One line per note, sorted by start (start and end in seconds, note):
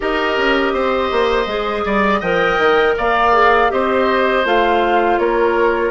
0.00 0.37 D#4
0.00 1.46 G4
0.00 0.73 A#4
0.00 2.20 D#5
0.37 0.73 C#4
0.73 1.10 C4
0.73 1.84 C5
1.11 1.46 A#3
1.46 1.83 G#3
1.46 2.22 G#4
1.85 2.21 G3
1.85 2.19 D5
2.19 2.58 F3
2.19 3.32 A#4
2.19 2.93 D#5
2.19 2.94 G5
2.58 2.95 D#3
2.97 3.71 A#3
2.97 3.71 D5
2.97 3.71 F5
3.32 3.69 G#4
3.69 4.44 C4
3.69 4.43 G4
3.69 5.20 C5
3.69 4.45 D#5
4.44 5.18 A3
4.44 5.91 F4
4.44 5.18 F5
5.18 5.91 A#3
5.18 5.91 A#4
5.18 5.91 C#5